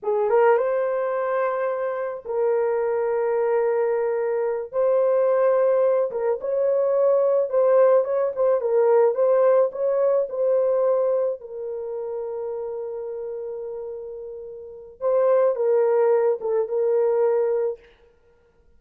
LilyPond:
\new Staff \with { instrumentName = "horn" } { \time 4/4 \tempo 4 = 108 gis'8 ais'8 c''2. | ais'1~ | ais'8 c''2~ c''8 ais'8 cis''8~ | cis''4. c''4 cis''8 c''8 ais'8~ |
ais'8 c''4 cis''4 c''4.~ | c''8 ais'2.~ ais'8~ | ais'2. c''4 | ais'4. a'8 ais'2 | }